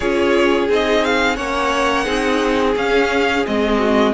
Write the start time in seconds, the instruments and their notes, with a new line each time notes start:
0.00 cello C#4, viola F4, violin G#4 C#5
0.69 cello C4, viola D#4, violin D#5
1.04 violin F5
1.35 cello A#3, viola C#4, violin C#5 F#5
2.04 cello C4, viola D#4, violin G#4
2.76 cello C#4, viola C#4, violin F5
3.45 cello G#3, viola C4, violin D#5
3.78 violin F#4